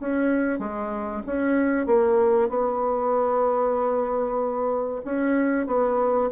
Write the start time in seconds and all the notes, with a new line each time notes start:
0.00 C#4
0.59 G#3
1.27 C#4
1.86 A#3
2.49 B3
5.05 C#4
5.67 B3